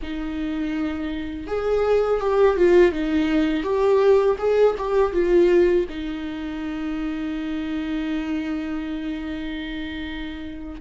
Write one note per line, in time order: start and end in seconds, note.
0.02 1.47 D#4
1.47 2.20 G#4
2.20 2.56 G4
2.56 2.91 F4
2.91 3.63 D#4
3.63 4.36 G4
4.38 4.75 G#4
4.78 5.12 G4
5.12 5.85 F4
5.89 10.80 D#4